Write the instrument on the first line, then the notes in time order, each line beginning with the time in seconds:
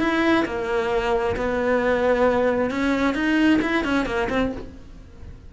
cello
0.00 E4
0.46 A#3
1.36 B3
2.71 C#4
3.15 D#4
3.62 E4
3.84 C#4
4.06 A#3
4.30 C4